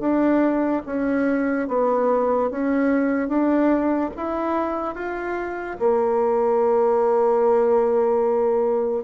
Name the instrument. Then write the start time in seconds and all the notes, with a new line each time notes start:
bassoon
0.00 D4
0.86 C#4
1.68 B3
2.50 C#4
3.28 D4
4.16 E4
4.94 F4
5.79 A#3